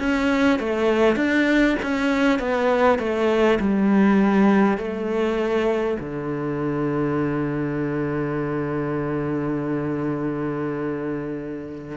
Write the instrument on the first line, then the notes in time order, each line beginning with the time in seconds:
cello
0.00 C#4
0.59 A3
1.17 D4
1.83 C#4
2.39 B3
2.99 A3
3.60 G3
4.78 A3
6.00 D3